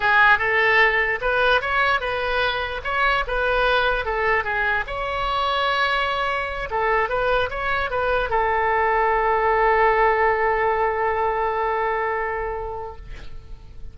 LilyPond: \new Staff \with { instrumentName = "oboe" } { \time 4/4 \tempo 4 = 148 gis'4 a'2 b'4 | cis''4 b'2 cis''4 | b'2 a'4 gis'4 | cis''1~ |
cis''8 a'4 b'4 cis''4 b'8~ | b'8 a'2.~ a'8~ | a'1~ | a'1 | }